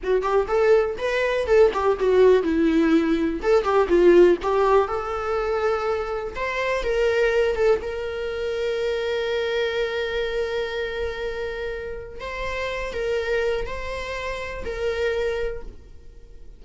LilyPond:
\new Staff \with { instrumentName = "viola" } { \time 4/4 \tempo 4 = 123 fis'8 g'8 a'4 b'4 a'8 g'8 | fis'4 e'2 a'8 g'8 | f'4 g'4 a'2~ | a'4 c''4 ais'4. a'8 |
ais'1~ | ais'1~ | ais'4 c''4. ais'4. | c''2 ais'2 | }